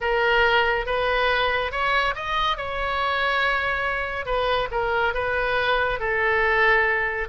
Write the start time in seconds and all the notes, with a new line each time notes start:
0.00 A#4
0.86 B4
1.71 C#5
2.15 D#5
2.57 C#5
4.25 B4
4.71 A#4
5.14 B4
5.99 A4